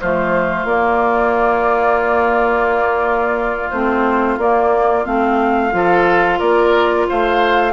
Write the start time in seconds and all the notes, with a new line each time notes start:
0.00 F3 A3 F4 C5
0.64 A#3 D5
3.70 A3 C4 C5
4.37 A#3 D5
5.05 A3 C4 F5
5.71 F3 F4 A4
6.38 A#3 A#4 D5
7.09 A3 C5 F5